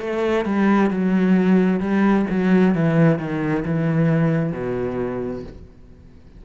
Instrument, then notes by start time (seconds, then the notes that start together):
cello
0.00 A3
0.45 G3
0.90 F#3
1.80 G3
2.30 F#3
2.75 E3
3.19 D#3
3.65 E3
4.52 B2